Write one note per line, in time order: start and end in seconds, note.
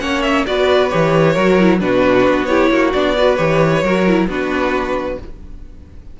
0.00 0.46 A#3
0.00 0.46 C#4
0.00 0.47 C#5
0.00 0.22 F#5
0.22 0.45 E5
0.46 0.92 B3
0.46 0.90 F#4
0.46 1.33 B4
0.46 0.89 D5
0.89 1.37 E3
0.89 1.35 G4
0.89 1.80 C#5
1.33 1.82 F#3
1.33 1.58 F#4
1.33 1.78 A#4
1.59 1.80 E4
1.80 2.27 B2
1.80 2.48 D4
1.80 2.49 F#4
1.80 2.46 B4
2.27 2.71 B3
2.46 2.94 E4
2.46 2.72 G4
2.46 2.91 C#5
2.71 2.93 A#3
2.71 3.17 F#4
2.93 3.39 B3
2.93 3.17 D4
2.93 3.36 D5
3.17 3.37 F#4
3.17 3.84 B4
3.36 3.83 E3
3.36 3.82 G4
3.36 4.26 C#5
3.83 4.27 F#3
3.83 4.07 F#4
3.83 4.29 A#4
4.07 4.30 E4
4.27 5.18 B3
4.27 5.20 D4
4.27 5.20 F#4
4.27 5.20 B4